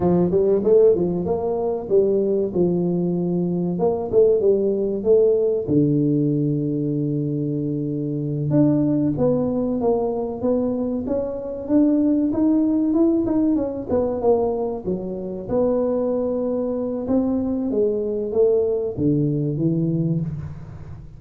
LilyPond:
\new Staff \with { instrumentName = "tuba" } { \time 4/4 \tempo 4 = 95 f8 g8 a8 f8 ais4 g4 | f2 ais8 a8 g4 | a4 d2.~ | d4. d'4 b4 ais8~ |
ais8 b4 cis'4 d'4 dis'8~ | dis'8 e'8 dis'8 cis'8 b8 ais4 fis8~ | fis8 b2~ b8 c'4 | gis4 a4 d4 e4 | }